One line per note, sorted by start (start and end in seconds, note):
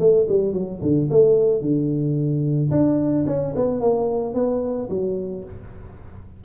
0.00 0.27 A3
0.29 0.54 G3
0.54 0.81 F#3
0.82 1.10 D3
1.11 1.62 A3
1.62 2.71 D3
2.71 3.26 D4
3.27 3.54 C#4
3.56 3.81 B3
3.81 4.35 A#3
4.35 4.89 B3
4.90 5.44 F#3